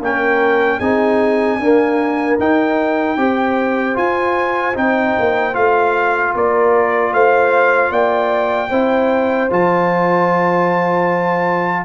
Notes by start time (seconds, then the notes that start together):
0.00 A#3 C#4 A#4 G5
0.79 C4 D#4 G#4 G#5
1.60 A#3 D4 A#4
2.39 D#4 G5
3.17 C4 G4 C5
3.95 F4 G#5
4.75 C4 D#4 G5
5.19 A#3
5.53 A3 F4 F5
6.35 A#3 A#4 D5
7.13 A3 C5 F5
7.91 A#3 D5 G5
8.71 C4 E4 C5
9.50 F3 F4 A5